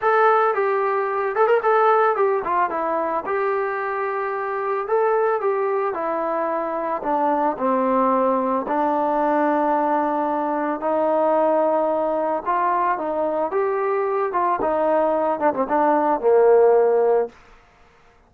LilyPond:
\new Staff \with { instrumentName = "trombone" } { \time 4/4 \tempo 4 = 111 a'4 g'4. a'16 ais'16 a'4 | g'8 f'8 e'4 g'2~ | g'4 a'4 g'4 e'4~ | e'4 d'4 c'2 |
d'1 | dis'2. f'4 | dis'4 g'4. f'8 dis'4~ | dis'8 d'16 c'16 d'4 ais2 | }